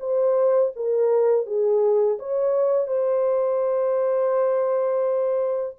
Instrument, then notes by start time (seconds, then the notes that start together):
horn
0.00 C5
0.76 A#4
1.46 G#4
2.19 C#5
2.87 C5